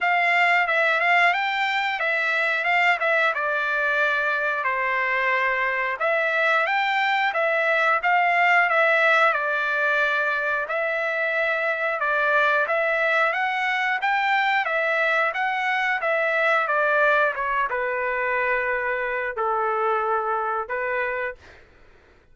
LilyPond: \new Staff \with { instrumentName = "trumpet" } { \time 4/4 \tempo 4 = 90 f''4 e''8 f''8 g''4 e''4 | f''8 e''8 d''2 c''4~ | c''4 e''4 g''4 e''4 | f''4 e''4 d''2 |
e''2 d''4 e''4 | fis''4 g''4 e''4 fis''4 | e''4 d''4 cis''8 b'4.~ | b'4 a'2 b'4 | }